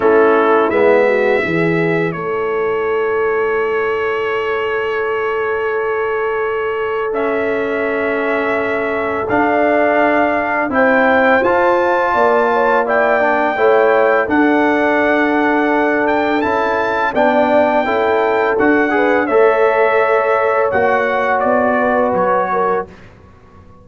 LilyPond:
<<
  \new Staff \with { instrumentName = "trumpet" } { \time 4/4 \tempo 4 = 84 a'4 e''2 cis''4~ | cis''1~ | cis''2 e''2~ | e''4 f''2 g''4 |
a''2 g''2 | fis''2~ fis''8 g''8 a''4 | g''2 fis''4 e''4~ | e''4 fis''4 d''4 cis''4 | }
  \new Staff \with { instrumentName = "horn" } { \time 4/4 e'4. fis'8 gis'4 a'4~ | a'1~ | a'1~ | a'2. c''4~ |
c''4 d''8 cis''8 d''4 cis''4 | a'1 | d''4 a'4. b'8 cis''4~ | cis''2~ cis''8 b'4 ais'8 | }
  \new Staff \with { instrumentName = "trombone" } { \time 4/4 cis'4 b4 e'2~ | e'1~ | e'2 cis'2~ | cis'4 d'2 e'4 |
f'2 e'8 d'8 e'4 | d'2. e'4 | d'4 e'4 fis'8 gis'8 a'4~ | a'4 fis'2. | }
  \new Staff \with { instrumentName = "tuba" } { \time 4/4 a4 gis4 e4 a4~ | a1~ | a1~ | a4 d'2 c'4 |
f'4 ais2 a4 | d'2. cis'4 | b4 cis'4 d'4 a4~ | a4 ais4 b4 fis4 | }
>>